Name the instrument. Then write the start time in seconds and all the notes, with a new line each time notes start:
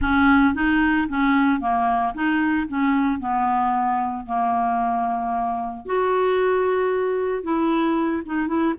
clarinet
0.01 C#4
0.54 D#4
1.08 C#4
1.60 A#3
2.14 D#4
2.67 C#4
3.19 B3
4.26 A#3
5.85 F#4
7.43 E4
8.25 D#4
8.47 E4